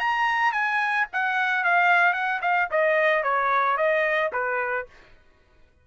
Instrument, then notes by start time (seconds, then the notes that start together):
trumpet
0.00 A#5
0.53 G#5
1.13 F#5
1.64 F5
2.14 F#5
2.42 F5
2.71 D#5
3.23 C#5
3.77 D#5
4.33 B4